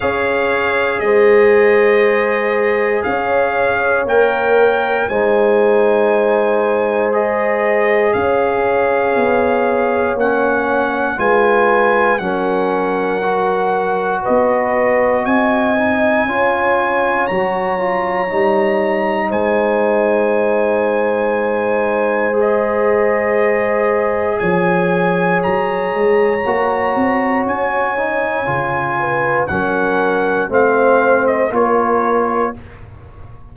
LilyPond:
<<
  \new Staff \with { instrumentName = "trumpet" } { \time 4/4 \tempo 4 = 59 f''4 dis''2 f''4 | g''4 gis''2 dis''4 | f''2 fis''4 gis''4 | fis''2 dis''4 gis''4~ |
gis''4 ais''2 gis''4~ | gis''2 dis''2 | gis''4 ais''2 gis''4~ | gis''4 fis''4 f''8. dis''16 cis''4 | }
  \new Staff \with { instrumentName = "horn" } { \time 4/4 cis''4 c''2 cis''4~ | cis''4 c''2. | cis''2. b'4 | ais'2 b'4 dis''4 |
cis''2. c''4~ | c''1 | cis''1~ | cis''8 b'8 ais'4 c''4 ais'4 | }
  \new Staff \with { instrumentName = "trombone" } { \time 4/4 gis'1 | ais'4 dis'2 gis'4~ | gis'2 cis'4 f'4 | cis'4 fis'2~ fis'8 dis'8 |
f'4 fis'8 f'8 dis'2~ | dis'2 gis'2~ | gis'2 fis'4. dis'8 | f'4 cis'4 c'4 f'4 | }
  \new Staff \with { instrumentName = "tuba" } { \time 4/4 cis'4 gis2 cis'4 | ais4 gis2. | cis'4 b4 ais4 gis4 | fis2 b4 c'4 |
cis'4 fis4 g4 gis4~ | gis1 | f4 fis8 gis8 ais8 c'8 cis'4 | cis4 fis4 a4 ais4 | }
>>